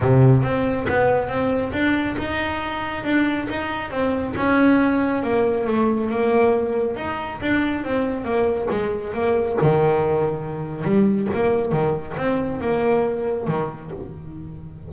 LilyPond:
\new Staff \with { instrumentName = "double bass" } { \time 4/4 \tempo 4 = 138 c4 c'4 b4 c'4 | d'4 dis'2 d'4 | dis'4 c'4 cis'2 | ais4 a4 ais2 |
dis'4 d'4 c'4 ais4 | gis4 ais4 dis2~ | dis4 g4 ais4 dis4 | c'4 ais2 dis4 | }